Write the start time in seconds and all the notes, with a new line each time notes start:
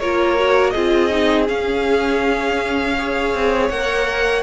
0.00 A#3 F4 A#4 C#5
0.38 F#4
0.71 C4 F4 G#4 D#5
1.10 D#4
1.48 C#4 F5
2.98 G#4 C#5
3.35 C4
3.69 A#3 A#4 F#5